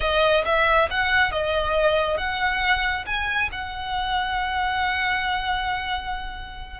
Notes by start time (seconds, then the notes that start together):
0.00 D#5
0.45 E5
0.90 F#5
1.31 D#5
2.17 F#5
3.06 G#5
3.52 F#5